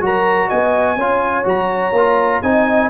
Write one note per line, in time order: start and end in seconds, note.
0.00 0.49 F#3
0.00 0.97 F#4
0.00 0.47 A#4
0.00 0.49 A#5
0.47 0.96 B3
0.47 0.96 D#5
0.47 1.46 G#5
0.96 1.44 C#4
0.96 1.44 F4
0.96 2.44 C#5
1.44 1.92 F#3
1.44 1.92 F#4
1.44 2.42 A#5
1.92 2.40 A#3
1.92 2.43 F4
2.42 2.90 C4
2.42 2.90 D#4
2.42 2.90 D#5
2.42 2.90 G#5